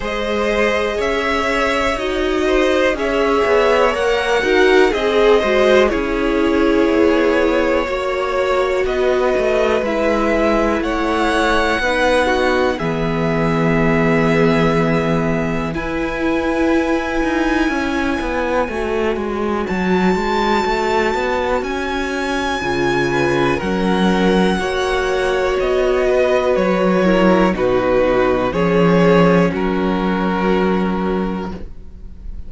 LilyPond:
<<
  \new Staff \with { instrumentName = "violin" } { \time 4/4 \tempo 4 = 61 dis''4 e''4 dis''4 e''4 | fis''4 dis''4 cis''2~ | cis''4 dis''4 e''4 fis''4~ | fis''4 e''2. |
gis''1 | a''2 gis''2 | fis''2 dis''4 cis''4 | b'4 cis''4 ais'2 | }
  \new Staff \with { instrumentName = "violin" } { \time 4/4 c''4 cis''4. c''8 cis''4~ | cis''8 ais'8 gis'8 c''8 gis'2 | cis''4 b'2 cis''4 | b'8 fis'8 gis'2. |
b'2 cis''2~ | cis''2.~ cis''8 b'8 | ais'4 cis''4. b'4 ais'8 | fis'4 gis'4 fis'2 | }
  \new Staff \with { instrumentName = "viola" } { \time 4/4 gis'2 fis'4 gis'4 | ais'8 fis'8 gis'8 fis'8 e'2 | fis'2 e'2 | dis'4 b2. |
e'2. fis'4~ | fis'2. f'4 | cis'4 fis'2~ fis'8 e'8 | dis'4 cis'2. | }
  \new Staff \with { instrumentName = "cello" } { \time 4/4 gis4 cis'4 dis'4 cis'8 b8 | ais8 dis'8 c'8 gis8 cis'4 b4 | ais4 b8 a8 gis4 a4 | b4 e2. |
e'4. dis'8 cis'8 b8 a8 gis8 | fis8 gis8 a8 b8 cis'4 cis4 | fis4 ais4 b4 fis4 | b,4 f4 fis2 | }
>>